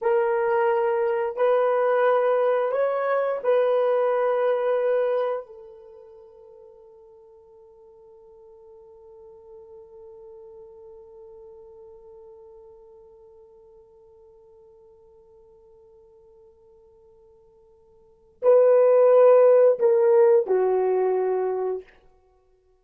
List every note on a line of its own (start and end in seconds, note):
0.01 1.36 A#4
1.36 2.71 B4
2.71 3.39 C#5
3.43 5.46 B4
5.46 18.41 A4
18.42 19.79 B4
19.79 20.46 A#4
20.46 21.83 F#4